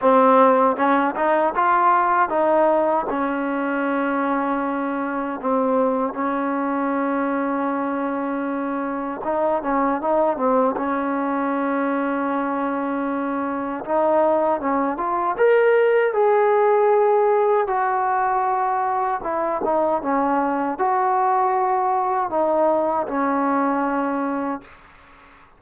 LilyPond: \new Staff \with { instrumentName = "trombone" } { \time 4/4 \tempo 4 = 78 c'4 cis'8 dis'8 f'4 dis'4 | cis'2. c'4 | cis'1 | dis'8 cis'8 dis'8 c'8 cis'2~ |
cis'2 dis'4 cis'8 f'8 | ais'4 gis'2 fis'4~ | fis'4 e'8 dis'8 cis'4 fis'4~ | fis'4 dis'4 cis'2 | }